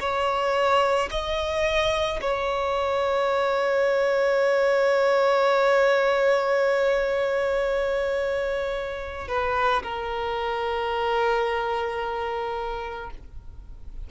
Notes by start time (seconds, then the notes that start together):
0.00 C#5
1.11 D#5
2.21 C#5
9.28 B4
9.83 A#4